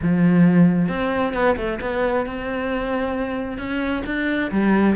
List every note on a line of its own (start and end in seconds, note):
0.01 0.88 F3
0.88 1.33 C4
1.33 1.56 B3
1.56 1.79 A3
1.80 2.26 B3
2.26 3.58 C4
3.58 4.03 C#4
4.05 4.50 D4
4.51 4.95 G3